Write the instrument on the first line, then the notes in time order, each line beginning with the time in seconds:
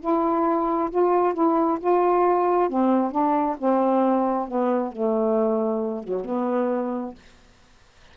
saxophone
0.00 E4
0.90 F4
1.33 E4
1.80 F4
2.69 C4
3.11 D4
3.58 C4
4.48 B3
4.92 A3
6.03 F#3
6.25 B3